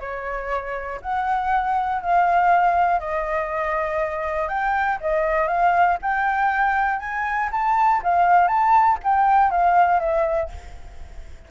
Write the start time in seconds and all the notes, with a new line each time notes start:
0.00 C#5
1.01 F#5
2.02 F5
3.00 D#5
4.48 G5
5.00 D#5
5.47 F5
6.02 G5
6.99 G#5
7.51 A5
8.03 F5
8.47 A5
9.03 G5
9.50 F5
9.99 E5